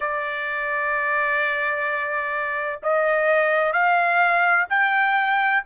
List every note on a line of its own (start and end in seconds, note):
0.00 2.80 D5
2.83 3.72 D#5
3.72 4.66 F5
4.69 5.63 G5